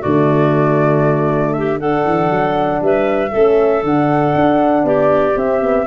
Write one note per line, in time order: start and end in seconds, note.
0.00 2.05 D3
0.00 1.78 A3
0.00 1.53 F#4
0.00 1.53 D5
1.53 1.80 G4
1.53 1.78 E5
1.79 3.31 D4
1.79 2.81 A4
1.79 2.82 F#5
2.05 2.30 E3
2.30 2.81 F#3
2.81 3.32 G3
2.81 3.31 B4
2.81 3.84 E5
3.31 3.83 A3
3.31 3.83 C#4
3.31 4.84 A4
3.83 4.34 D3
3.83 5.35 D4
3.83 4.87 F#5
4.35 4.84 D4
4.84 5.35 B3
4.84 5.87 G4
4.84 5.37 D5
5.36 5.87 C4
5.36 5.60 C4
5.36 5.87 E5
5.60 5.86 B3